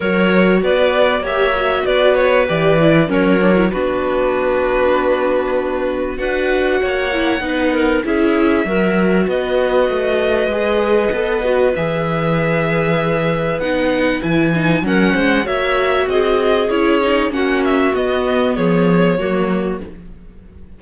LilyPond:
<<
  \new Staff \with { instrumentName = "violin" } { \time 4/4 \tempo 4 = 97 cis''4 d''4 e''4 d''8 cis''8 | d''4 cis''4 b'2~ | b'2 fis''2~ | fis''4 e''2 dis''4~ |
dis''2. e''4~ | e''2 fis''4 gis''4 | fis''4 e''4 dis''4 cis''4 | fis''8 e''8 dis''4 cis''2 | }
  \new Staff \with { instrumentName = "clarinet" } { \time 4/4 ais'4 b'4 cis''4 b'4~ | b'4 ais'4 fis'2~ | fis'2 b'4 cis''4 | b'8 ais'8 gis'4 ais'4 b'4~ |
b'1~ | b'1 | ais'8 c''8 cis''4 gis'2 | fis'2 gis'4 fis'4 | }
  \new Staff \with { instrumentName = "viola" } { \time 4/4 fis'2 g'8 fis'4. | g'8 e'8 cis'8 d'16 e'16 d'2~ | d'2 fis'4. e'8 | dis'4 e'4 fis'2~ |
fis'4 gis'4 a'8 fis'8 gis'4~ | gis'2 dis'4 e'8 dis'8 | cis'4 fis'2 e'8 dis'8 | cis'4 b2 ais4 | }
  \new Staff \with { instrumentName = "cello" } { \time 4/4 fis4 b4 ais4 b4 | e4 fis4 b2~ | b2 d'4 ais4 | b4 cis'4 fis4 b4 |
a4 gis4 b4 e4~ | e2 b4 e4 | fis8 gis8 ais4 c'4 cis'4 | ais4 b4 f4 fis4 | }
>>